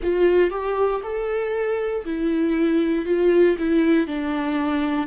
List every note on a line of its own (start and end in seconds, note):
0.02 0.50 F4
0.50 1.01 G4
1.03 2.04 A4
2.05 3.05 E4
3.05 3.56 F4
3.58 4.07 E4
4.07 5.07 D4